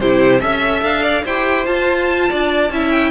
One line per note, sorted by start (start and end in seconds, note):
0.00 0.42 C3
0.00 0.40 E4
0.00 0.43 G4
0.00 0.41 C5
0.40 0.82 C#4
0.40 1.24 A4
0.40 0.83 E5
0.40 1.03 E5
0.82 1.24 D4
0.82 1.26 F5
1.03 1.24 D5
1.25 1.67 E4
1.25 1.66 G4
1.25 2.30 C5
1.25 1.66 G5
1.66 2.71 F4
1.66 2.30 F4
1.66 2.91 A5
2.30 2.70 D4
2.30 2.72 D5
2.70 3.11 C#4
2.70 3.11 E4
2.70 3.11 E5
2.91 3.11 G5